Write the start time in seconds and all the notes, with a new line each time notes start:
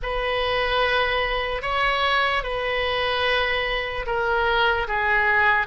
0.02 B4
1.62 C#5
2.43 B4
4.06 A#4
4.87 G#4